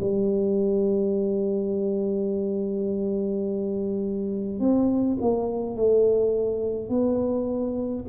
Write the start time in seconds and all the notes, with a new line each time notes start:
0.00 G3
4.59 C4
5.21 A#3
5.76 A3
6.89 B3